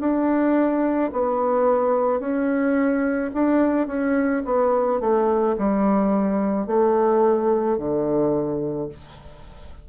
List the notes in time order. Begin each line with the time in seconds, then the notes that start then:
0.00 D4
1.12 B3
2.20 C#4
3.34 D4
3.87 C#4
4.45 B3
5.00 A3
5.58 G3
6.67 A3
7.78 D3